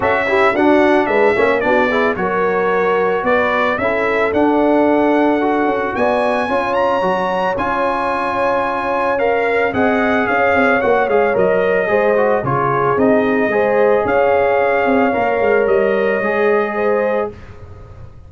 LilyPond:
<<
  \new Staff \with { instrumentName = "trumpet" } { \time 4/4 \tempo 4 = 111 e''4 fis''4 e''4 d''4 | cis''2 d''4 e''4 | fis''2. gis''4~ | gis''8 ais''4. gis''2~ |
gis''4 f''4 fis''4 f''4 | fis''8 f''8 dis''2 cis''4 | dis''2 f''2~ | f''4 dis''2. | }
  \new Staff \with { instrumentName = "horn" } { \time 4/4 a'8 g'8 fis'4 b'8 cis''8 fis'8 gis'8 | ais'2 b'4 a'4~ | a'2. d''4 | cis''1~ |
cis''2 dis''4 cis''4~ | cis''2 c''4 gis'4~ | gis'4 c''4 cis''2~ | cis''2. c''4 | }
  \new Staff \with { instrumentName = "trombone" } { \time 4/4 fis'8 e'8 d'4. cis'8 d'8 e'8 | fis'2. e'4 | d'2 fis'2 | f'4 fis'4 f'2~ |
f'4 ais'4 gis'2 | fis'8 gis'8 ais'4 gis'8 fis'8 f'4 | dis'4 gis'2. | ais'2 gis'2 | }
  \new Staff \with { instrumentName = "tuba" } { \time 4/4 cis'4 d'4 gis8 ais8 b4 | fis2 b4 cis'4 | d'2~ d'8 cis'8 b4 | cis'4 fis4 cis'2~ |
cis'2 c'4 cis'8 c'8 | ais8 gis8 fis4 gis4 cis4 | c'4 gis4 cis'4. c'8 | ais8 gis8 g4 gis2 | }
>>